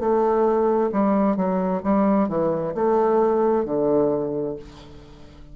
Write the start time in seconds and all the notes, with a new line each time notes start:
0.00 A3
0.92 G3
1.37 F#3
1.83 G3
2.29 E3
2.75 A3
3.65 D3